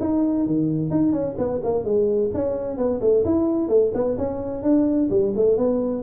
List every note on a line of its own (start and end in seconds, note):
0.00 0.47 D#4
0.47 0.91 D#3
0.91 1.13 D#4
1.13 1.36 C#4
1.38 1.61 B3
1.64 1.85 A#3
1.85 2.31 G#3
2.34 2.77 C#4
2.77 3.01 B3
3.01 3.24 A3
3.25 3.69 E4
3.69 3.92 A3
3.94 4.17 B3
4.18 4.63 C#4
4.63 5.10 D4
5.10 5.33 G3
5.36 5.58 A3
5.58 6.03 B3